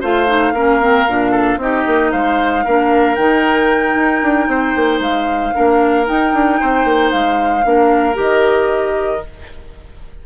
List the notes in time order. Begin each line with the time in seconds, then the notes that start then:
0.00 A3 F4 C5 F5
0.26 D#4
0.52 A#3 C#4 A#4
0.80 C4
1.08 A#2 D4
1.31 A4
1.57 C4 D#4 G4 D#5
1.86 A#3
2.11 G#3 C5 F5
2.64 A#3 D4 A#4
3.15 D#3 D#4 G5
3.94 D#4
4.22 D4
4.47 C4 C5
4.75 A#3
4.99 G#3 F5
5.53 A#3 D4 A#4
6.05 D#4 G5
6.33 D4
6.60 C4 C5
6.84 A#3
7.10 G#3 F5
7.63 A#3 D4 A#4
8.14 D#3 G4
8.20 D#5